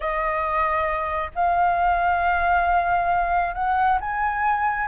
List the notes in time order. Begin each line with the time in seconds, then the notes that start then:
0.00 D#5
1.35 F5
3.54 F#5
4.00 G#5